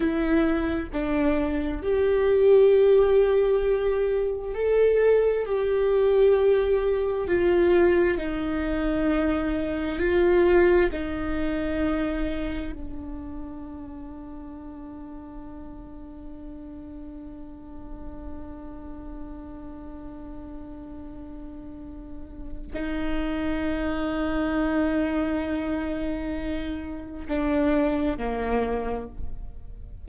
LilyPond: \new Staff \with { instrumentName = "viola" } { \time 4/4 \tempo 4 = 66 e'4 d'4 g'2~ | g'4 a'4 g'2 | f'4 dis'2 f'4 | dis'2 d'2~ |
d'1~ | d'1~ | d'4 dis'2.~ | dis'2 d'4 ais4 | }